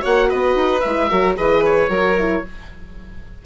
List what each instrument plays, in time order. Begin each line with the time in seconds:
0.00 bassoon A#3, horn F#4, violin C#5, oboe F#5
0.29 bassoon B3, violin B4, oboe D#5
0.55 bassoon D#4
0.80 bassoon G#3, horn E4, oboe E5
1.09 bassoon F#3, horn F#4, violin A#4
1.36 bassoon E3, horn G#4, violin B4, oboe D#5
1.65 oboe C#5
1.89 bassoon F#3, horn F#4, violin A#4
2.18 horn E4